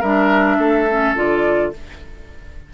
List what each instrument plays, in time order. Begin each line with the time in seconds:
0.00 bassoon G3, clarinet D4, oboe A#4, flute E5
0.58 bassoon A3, oboe A4
0.90 clarinet C#4
1.16 bassoon D3, clarinet F4, flute D5